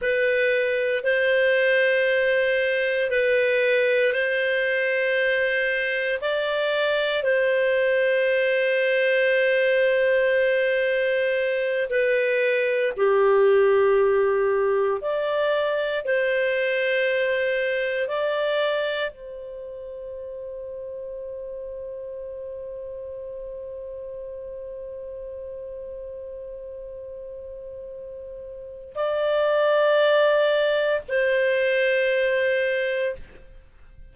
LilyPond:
\new Staff \with { instrumentName = "clarinet" } { \time 4/4 \tempo 4 = 58 b'4 c''2 b'4 | c''2 d''4 c''4~ | c''2.~ c''8 b'8~ | b'8 g'2 d''4 c''8~ |
c''4. d''4 c''4.~ | c''1~ | c''1 | d''2 c''2 | }